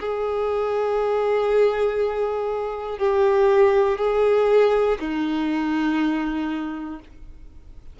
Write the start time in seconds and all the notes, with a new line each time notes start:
0.00 G#4
2.99 G4
3.99 G#4
5.00 D#4